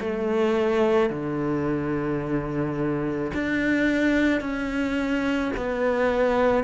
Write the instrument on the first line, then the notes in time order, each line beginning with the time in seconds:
cello
0.00 A3
1.10 D3
3.33 D4
4.40 C#4
5.57 B3